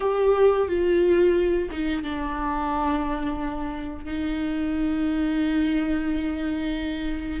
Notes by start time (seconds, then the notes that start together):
0.00 G4
0.67 F4
1.70 D#4
2.03 D4
4.04 D#4